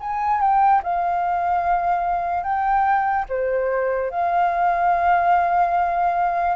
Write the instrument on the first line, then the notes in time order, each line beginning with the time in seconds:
flute
0.00 G#5
0.41 G5
0.83 F5
2.43 G5
3.29 C5
4.11 F5